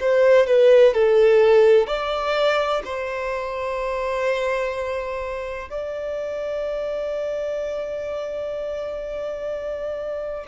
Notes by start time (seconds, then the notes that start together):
0.00 C5
0.47 B4
0.94 A4
1.87 D5
2.84 C5
5.70 D5